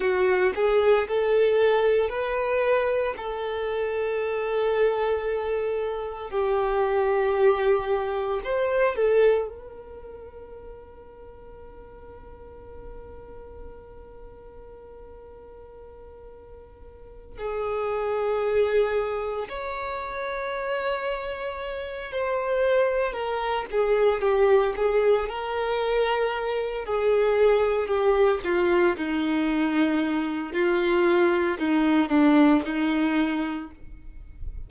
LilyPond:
\new Staff \with { instrumentName = "violin" } { \time 4/4 \tempo 4 = 57 fis'8 gis'8 a'4 b'4 a'4~ | a'2 g'2 | c''8 a'8 ais'2.~ | ais'1~ |
ais'8 gis'2 cis''4.~ | cis''4 c''4 ais'8 gis'8 g'8 gis'8 | ais'4. gis'4 g'8 f'8 dis'8~ | dis'4 f'4 dis'8 d'8 dis'4 | }